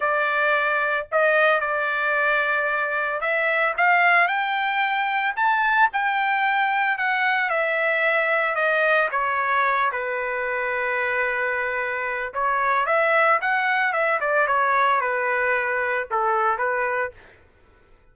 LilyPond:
\new Staff \with { instrumentName = "trumpet" } { \time 4/4 \tempo 4 = 112 d''2 dis''4 d''4~ | d''2 e''4 f''4 | g''2 a''4 g''4~ | g''4 fis''4 e''2 |
dis''4 cis''4. b'4.~ | b'2. cis''4 | e''4 fis''4 e''8 d''8 cis''4 | b'2 a'4 b'4 | }